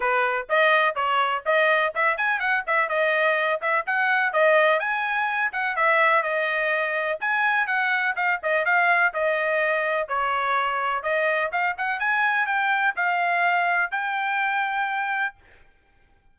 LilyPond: \new Staff \with { instrumentName = "trumpet" } { \time 4/4 \tempo 4 = 125 b'4 dis''4 cis''4 dis''4 | e''8 gis''8 fis''8 e''8 dis''4. e''8 | fis''4 dis''4 gis''4. fis''8 | e''4 dis''2 gis''4 |
fis''4 f''8 dis''8 f''4 dis''4~ | dis''4 cis''2 dis''4 | f''8 fis''8 gis''4 g''4 f''4~ | f''4 g''2. | }